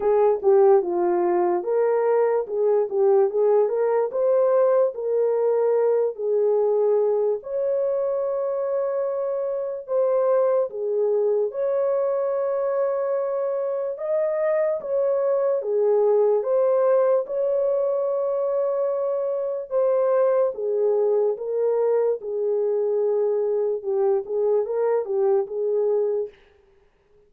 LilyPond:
\new Staff \with { instrumentName = "horn" } { \time 4/4 \tempo 4 = 73 gis'8 g'8 f'4 ais'4 gis'8 g'8 | gis'8 ais'8 c''4 ais'4. gis'8~ | gis'4 cis''2. | c''4 gis'4 cis''2~ |
cis''4 dis''4 cis''4 gis'4 | c''4 cis''2. | c''4 gis'4 ais'4 gis'4~ | gis'4 g'8 gis'8 ais'8 g'8 gis'4 | }